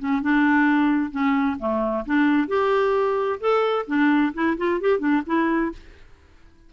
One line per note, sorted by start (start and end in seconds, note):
0.00 0.22 C#4
0.22 1.11 D4
1.11 1.57 C#4
1.59 2.05 A3
2.06 2.48 D4
2.48 3.40 G4
3.40 3.86 A4
3.88 4.33 D4
4.34 4.57 E4
4.58 4.81 F4
4.81 5.00 G4
5.00 5.23 D4
5.27 5.73 E4